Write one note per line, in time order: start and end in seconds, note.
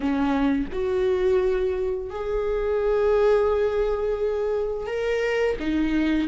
0.00 0.66 C#4
0.72 2.10 F#4
2.10 4.86 G#4
4.86 5.56 A#4
5.59 6.28 D#4